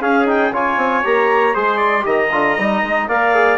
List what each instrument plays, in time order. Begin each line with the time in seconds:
0.00 trombone C#4, bassoon C#4, trumpet G#4, clarinet F5
0.25 trombone D#4, clarinet G5
0.51 bassoon C#3, trombone F4, trumpet C#5, clarinet G#5
0.76 bassoon C4
1.03 bassoon A#3, trombone G4, clarinet A#5
1.54 bassoon G#3, trombone G#4, trumpet C5, clarinet C6
1.77 trumpet D5
2.01 bassoon D#3, trombone G4, trumpet D#5
2.08 clarinet A#5
2.31 bassoon D3, trombone F4
2.58 bassoon G3, trombone D#4
2.82 bassoon G#3
3.07 bassoon A#3, trombone A#4, trumpet D5, clarinet F5
3.34 trombone G#4